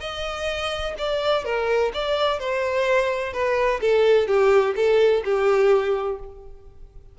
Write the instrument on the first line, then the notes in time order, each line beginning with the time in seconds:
violin
0.00 D#5
0.98 D5
1.45 A#4
1.93 D5
2.39 C5
3.33 B4
3.81 A4
4.27 G4
4.75 A4
5.24 G4